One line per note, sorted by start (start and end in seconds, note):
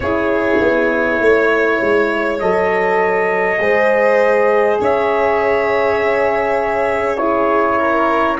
0.00 0.58 C#4
0.00 2.41 E4
0.00 1.22 G#4
0.00 2.38 C#5
0.60 1.20 B3
1.20 1.80 A3
1.20 3.62 C#5
1.81 2.41 G#3
2.39 3.59 F#3
2.39 3.59 A4
2.39 4.79 D#5
3.59 4.79 G#3
3.59 7.18 G#4
3.59 4.80 C5
4.80 8.39 C#4
4.80 7.19 C#5
4.80 7.16 E5
7.16 8.38 E4
7.16 7.78 G#4
7.16 8.36 C#5
7.78 8.38 A#4